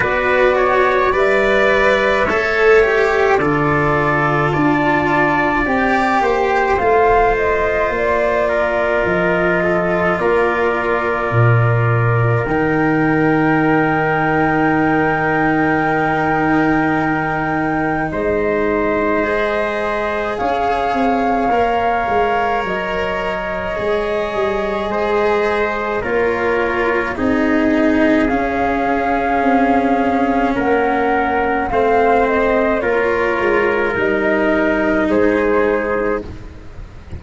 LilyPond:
<<
  \new Staff \with { instrumentName = "flute" } { \time 4/4 \tempo 4 = 53 d''4 e''2 d''4 | a''4 g''4 f''8 dis''8 d''4 | dis''4 d''2 g''4~ | g''1 |
dis''2 f''2 | dis''2. cis''4 | dis''4 f''2 fis''4 | f''8 dis''8 cis''4 dis''4 c''4 | }
  \new Staff \with { instrumentName = "trumpet" } { \time 4/4 b'8 cis''8 d''4 cis''4 a'4 | d''4. c''2 ais'8~ | ais'8 a'8 ais'2.~ | ais'1 |
c''2 cis''2~ | cis''2 c''4 ais'4 | gis'2. ais'4 | c''4 ais'2 gis'4 | }
  \new Staff \with { instrumentName = "cello" } { \time 4/4 fis'4 b'4 a'8 g'8 f'4~ | f'4 g'4 f'2~ | f'2. dis'4~ | dis'1~ |
dis'4 gis'2 ais'4~ | ais'4 gis'2 f'4 | dis'4 cis'2. | c'4 f'4 dis'2 | }
  \new Staff \with { instrumentName = "tuba" } { \time 4/4 b4 g4 a4 d4 | d'4 c'8 ais8 a4 ais4 | f4 ais4 ais,4 dis4~ | dis1 |
gis2 cis'8 c'8 ais8 gis8 | fis4 gis8 g8 gis4 ais4 | c'4 cis'4 c'4 ais4 | a4 ais8 gis8 g4 gis4 | }
>>